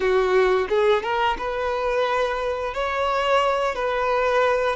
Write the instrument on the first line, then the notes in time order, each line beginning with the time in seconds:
violin
0.00 F#4
0.69 G#4
1.02 A#4
1.38 B4
2.74 C#5
3.75 B4